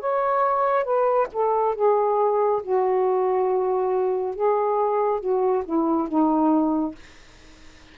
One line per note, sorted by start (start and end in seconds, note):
0.00 0.85 C#5
0.85 1.28 B4
1.33 1.75 A4
1.75 2.62 G#4
2.63 4.36 F#4
4.36 5.21 G#4
5.21 5.64 F#4
5.65 6.09 E4
6.09 6.96 D#4